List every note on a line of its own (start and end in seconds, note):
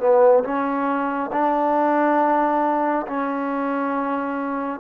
0.00 0.43 B3
0.44 1.31 C#4
1.32 3.06 D4
3.07 4.80 C#4